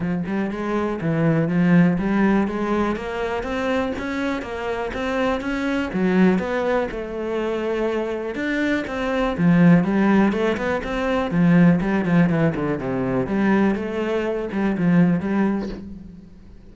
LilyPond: \new Staff \with { instrumentName = "cello" } { \time 4/4 \tempo 4 = 122 f8 g8 gis4 e4 f4 | g4 gis4 ais4 c'4 | cis'4 ais4 c'4 cis'4 | fis4 b4 a2~ |
a4 d'4 c'4 f4 | g4 a8 b8 c'4 f4 | g8 f8 e8 d8 c4 g4 | a4. g8 f4 g4 | }